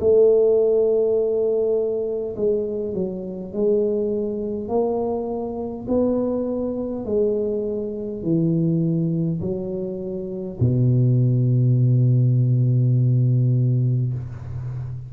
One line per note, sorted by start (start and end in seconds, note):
0.00 2.35 A3
2.36 2.94 G#3
2.94 3.53 F#3
3.53 4.68 G#3
4.68 5.86 A#3
5.88 7.05 B3
7.05 8.23 G#3
8.23 9.41 E3
9.41 10.58 F#3
10.60 14.13 B2